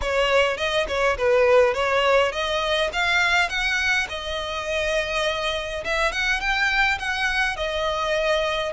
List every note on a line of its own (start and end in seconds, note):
0.01 0.57 C#5
0.57 0.86 D#5
0.88 1.17 C#5
1.17 1.74 B4
1.74 2.32 C#5
2.32 2.90 D#5
2.93 3.49 F5
3.49 4.07 F#5
4.09 5.84 D#5
5.84 6.12 E5
6.12 6.40 F#5
6.40 6.98 G5
6.98 7.56 F#5
7.56 8.72 D#5